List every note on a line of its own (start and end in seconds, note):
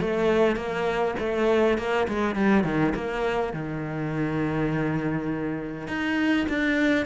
0.00 0.56 A3
0.56 1.14 A#3
1.19 1.78 A3
1.78 2.07 A#3
2.08 2.35 G#3
2.35 2.64 G3
2.64 2.93 D#3
2.94 3.53 A#3
3.53 5.87 D#3
5.87 6.46 D#4
6.48 7.05 D4